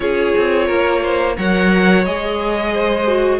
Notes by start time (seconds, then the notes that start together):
0.00 C#4 F4 G#4 C#5
0.36 C4
0.65 A#3 A#4
1.02 C5
1.36 F#3 A#4 C#5 F#5
2.04 G#3 G#4 D#5
2.72 C5
3.07 F#4